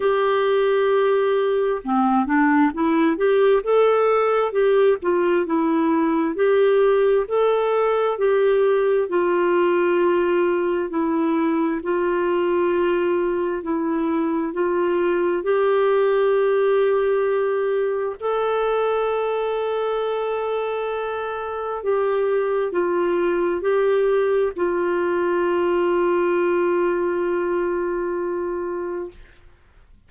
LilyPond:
\new Staff \with { instrumentName = "clarinet" } { \time 4/4 \tempo 4 = 66 g'2 c'8 d'8 e'8 g'8 | a'4 g'8 f'8 e'4 g'4 | a'4 g'4 f'2 | e'4 f'2 e'4 |
f'4 g'2. | a'1 | g'4 f'4 g'4 f'4~ | f'1 | }